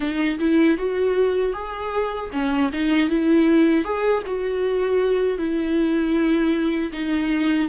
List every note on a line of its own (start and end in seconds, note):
0.00 0.38 D#4
0.38 0.77 E4
0.77 1.53 F#4
1.53 2.30 G#4
2.32 2.70 C#4
2.72 3.09 D#4
3.09 3.84 E4
3.84 4.22 G#4
4.26 5.37 F#4
5.37 6.91 E4
6.92 7.69 D#4